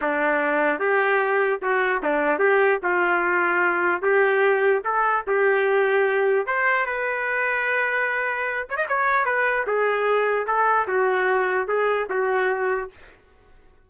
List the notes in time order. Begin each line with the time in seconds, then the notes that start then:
0.01 D4
0.79 G4
1.61 F#4
2.02 D4
2.39 G4
2.82 F4
4.01 G4
4.84 A4
5.27 G4
6.46 C5
6.86 B4
8.69 C#5
8.76 D#5
8.88 C#5
9.25 B4
9.66 G#4
10.47 A4
10.87 F#4
11.67 G#4
12.09 F#4